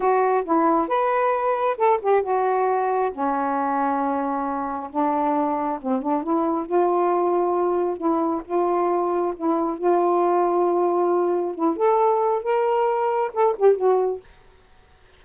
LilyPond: \new Staff \with { instrumentName = "saxophone" } { \time 4/4 \tempo 4 = 135 fis'4 e'4 b'2 | a'8 g'8 fis'2 cis'4~ | cis'2. d'4~ | d'4 c'8 d'8 e'4 f'4~ |
f'2 e'4 f'4~ | f'4 e'4 f'2~ | f'2 e'8 a'4. | ais'2 a'8 g'8 fis'4 | }